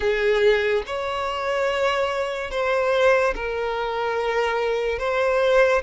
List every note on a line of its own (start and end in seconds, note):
0.00 0.83 G#4
0.86 2.50 C#5
2.50 3.34 C5
3.35 4.98 A#4
4.98 5.81 C5